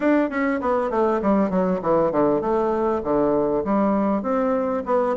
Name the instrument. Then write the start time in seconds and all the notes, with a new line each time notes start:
bassoon
0.00 D4
0.29 C#4
0.60 B3
0.90 A3
1.21 G3
1.50 F#3
1.82 E3
2.11 D3
2.41 A3
3.03 D3
3.64 G3
4.22 C4
4.85 B3